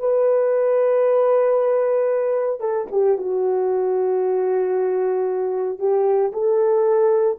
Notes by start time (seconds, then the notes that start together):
0.00 B4
2.61 A4
2.92 G4
3.18 F#4
5.79 G4
6.33 A4